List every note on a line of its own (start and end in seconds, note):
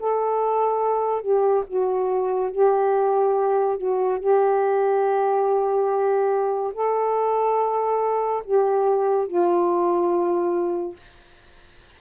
0.00 1.22 A4
1.22 1.64 G4
1.67 2.52 F#4
2.52 3.78 G4
3.78 4.19 F#4
4.19 6.73 G4
6.74 8.43 A4
8.45 9.27 G4
9.27 10.96 F4